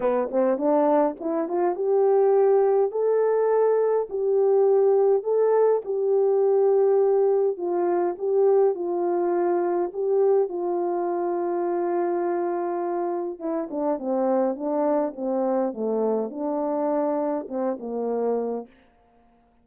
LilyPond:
\new Staff \with { instrumentName = "horn" } { \time 4/4 \tempo 4 = 103 b8 c'8 d'4 e'8 f'8 g'4~ | g'4 a'2 g'4~ | g'4 a'4 g'2~ | g'4 f'4 g'4 f'4~ |
f'4 g'4 f'2~ | f'2. e'8 d'8 | c'4 d'4 c'4 a4 | d'2 c'8 ais4. | }